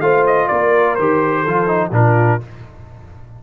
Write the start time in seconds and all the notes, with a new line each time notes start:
0.00 A3 F4 C5 F5
0.26 D#5
0.48 A#3 A#4 D5
0.95 D#3 G4 C5
1.42 F3 A4
1.48 F4
1.67 D#4
1.91 A#2 D4 F4 A#4